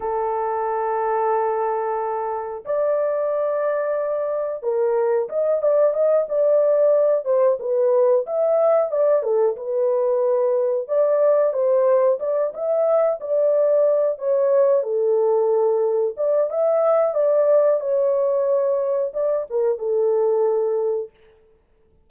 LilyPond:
\new Staff \with { instrumentName = "horn" } { \time 4/4 \tempo 4 = 91 a'1 | d''2. ais'4 | dis''8 d''8 dis''8 d''4. c''8 b'8~ | b'8 e''4 d''8 a'8 b'4.~ |
b'8 d''4 c''4 d''8 e''4 | d''4. cis''4 a'4.~ | a'8 d''8 e''4 d''4 cis''4~ | cis''4 d''8 ais'8 a'2 | }